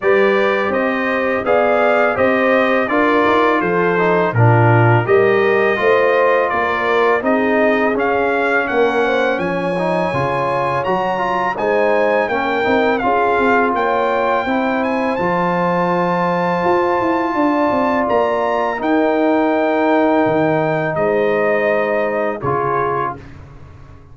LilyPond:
<<
  \new Staff \with { instrumentName = "trumpet" } { \time 4/4 \tempo 4 = 83 d''4 dis''4 f''4 dis''4 | d''4 c''4 ais'4 dis''4~ | dis''4 d''4 dis''4 f''4 | fis''4 gis''2 ais''4 |
gis''4 g''4 f''4 g''4~ | g''8 gis''8 a''2.~ | a''4 ais''4 g''2~ | g''4 dis''2 cis''4 | }
  \new Staff \with { instrumentName = "horn" } { \time 4/4 b'4 c''4 d''4 c''4 | ais'4 a'4 f'4 ais'4 | c''4 ais'4 gis'2 | ais'8 c''8 cis''2. |
c''4 ais'4 gis'4 cis''4 | c''1 | d''2 ais'2~ | ais'4 c''2 gis'4 | }
  \new Staff \with { instrumentName = "trombone" } { \time 4/4 g'2 gis'4 g'4 | f'4. dis'8 d'4 g'4 | f'2 dis'4 cis'4~ | cis'4. dis'8 f'4 fis'8 f'8 |
dis'4 cis'8 dis'8 f'2 | e'4 f'2.~ | f'2 dis'2~ | dis'2. f'4 | }
  \new Staff \with { instrumentName = "tuba" } { \time 4/4 g4 c'4 b4 c'4 | d'8 dis'8 f4 ais,4 g4 | a4 ais4 c'4 cis'4 | ais4 f4 cis4 fis4 |
gis4 ais8 c'8 cis'8 c'8 ais4 | c'4 f2 f'8 e'8 | d'8 c'8 ais4 dis'2 | dis4 gis2 cis4 | }
>>